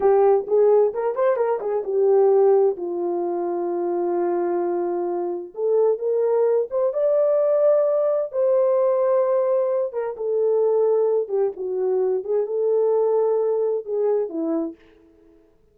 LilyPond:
\new Staff \with { instrumentName = "horn" } { \time 4/4 \tempo 4 = 130 g'4 gis'4 ais'8 c''8 ais'8 gis'8 | g'2 f'2~ | f'1 | a'4 ais'4. c''8 d''4~ |
d''2 c''2~ | c''4. ais'8 a'2~ | a'8 g'8 fis'4. gis'8 a'4~ | a'2 gis'4 e'4 | }